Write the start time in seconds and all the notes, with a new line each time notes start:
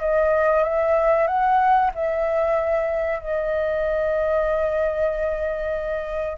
0.00 D#5
0.63 E5
1.27 F#5
1.94 E5
3.19 D#5